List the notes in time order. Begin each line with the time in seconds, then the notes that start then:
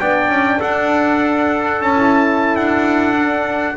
0.00 B3 D4 D5 G5
0.29 C#4
0.60 D4 A4 F#5
1.81 C#4 A5
1.96 E4
2.56 D4 F#5
3.16 D4